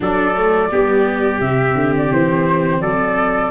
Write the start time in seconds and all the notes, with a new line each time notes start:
0.00 F#3 D4 A4 D5
0.34 A3
0.71 G3 B3 G4
1.41 C3 C4 E5
1.74 D3
1.96 D5
2.12 E3 C5
2.81 F#3 A4 D5